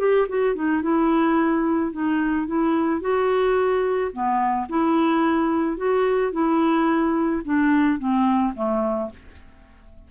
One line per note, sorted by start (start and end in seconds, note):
0.00 0.28 G4
0.29 0.56 F#4
0.56 0.83 D#4
0.83 1.93 E4
1.93 2.47 D#4
2.47 3.02 E4
3.02 4.12 F#4
4.13 4.68 B3
4.69 5.77 E4
5.77 6.33 F#4
6.33 7.43 E4
7.45 7.99 D4
7.99 8.54 C4
8.55 9.11 A3